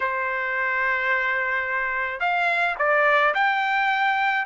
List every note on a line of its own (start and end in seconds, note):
0.00 2.20 C5
2.20 2.75 F5
2.78 3.33 D5
3.34 4.45 G5